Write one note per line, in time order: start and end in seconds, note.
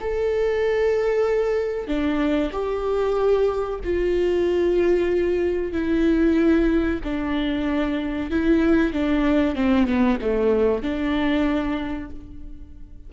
0.00 1.87 A4
1.87 2.51 D4
2.52 3.79 G4
3.84 5.72 F4
5.72 7.00 E4
7.04 8.30 D4
8.30 8.92 E4
8.92 9.55 D4
9.55 9.86 C4
9.86 10.18 B3
10.21 10.82 A3
10.82 12.10 D4